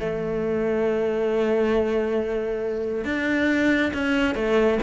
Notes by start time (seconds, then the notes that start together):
0.00 A3
3.05 D4
3.94 C#4
4.35 A3